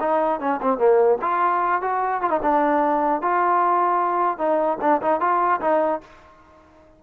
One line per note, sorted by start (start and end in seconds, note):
0.00 0.40 D#4
0.40 0.60 C#4
0.62 0.78 C4
0.78 1.18 A#3
1.22 1.82 F4
1.82 2.22 F#4
2.22 2.30 F4
2.30 2.40 D#4
2.43 3.22 D4
3.22 4.38 F4
4.38 4.78 D#4
4.81 5.01 D4
5.02 5.21 D#4
5.21 5.61 F4
5.61 6.01 D#4